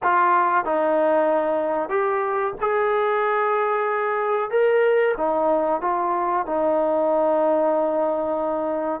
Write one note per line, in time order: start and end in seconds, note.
0.03 0.65 F4
0.65 1.89 D#4
1.89 2.53 G4
2.60 4.50 G#4
4.50 5.14 A#4
5.17 5.81 D#4
5.81 6.45 F4
6.46 9.00 D#4